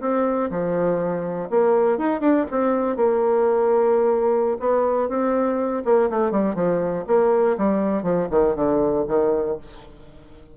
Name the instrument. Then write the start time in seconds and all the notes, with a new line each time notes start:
bassoon
0.00 C4
0.50 F3
1.50 A#3
1.98 D#4
2.20 D4
2.50 C4
2.96 A#3
4.59 B3
5.08 C4
5.84 A#3
6.09 A3
6.31 G3
6.55 F3
7.07 A#3
7.57 G3
8.02 F3
8.30 D#3
8.55 D3
9.07 D#3